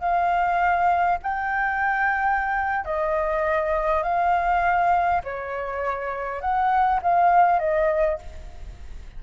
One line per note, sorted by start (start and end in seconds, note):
0.00 1.19 F5
1.23 2.85 G5
2.85 4.03 D#5
4.03 5.22 F5
5.24 6.41 C#5
6.41 7.00 F#5
7.02 7.59 F5
7.59 8.19 D#5